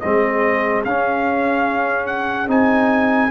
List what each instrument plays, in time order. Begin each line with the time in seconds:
0.00 tuba G#3, trombone C4, horn G#4, trumpet D#5
0.85 tuba C#4, trombone C#4, trumpet F5
2.07 trumpet F#5
2.47 tuba C4, trombone D#4, trumpet G#5